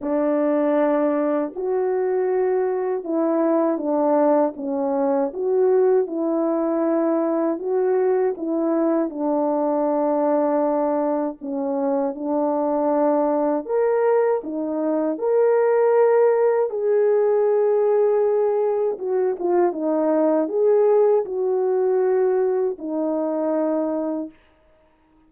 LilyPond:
\new Staff \with { instrumentName = "horn" } { \time 4/4 \tempo 4 = 79 d'2 fis'2 | e'4 d'4 cis'4 fis'4 | e'2 fis'4 e'4 | d'2. cis'4 |
d'2 ais'4 dis'4 | ais'2 gis'2~ | gis'4 fis'8 f'8 dis'4 gis'4 | fis'2 dis'2 | }